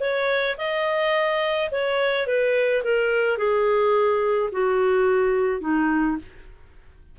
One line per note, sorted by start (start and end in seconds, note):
0.00 0.56 C#5
0.57 1.69 D#5
1.71 2.27 C#5
2.27 2.83 B4
2.84 3.37 A#4
3.37 4.50 G#4
4.52 5.61 F#4
5.61 6.17 D#4